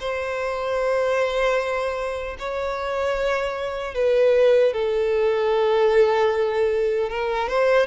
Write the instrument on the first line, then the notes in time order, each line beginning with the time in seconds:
violin
0.00 C5
2.39 C#5
3.94 B4
4.73 A4
7.10 A#4
7.49 C5